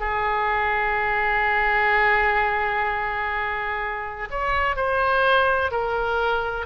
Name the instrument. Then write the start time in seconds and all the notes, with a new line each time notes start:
oboe
0.00 G#4
4.30 C#5
4.76 C5
5.71 A#4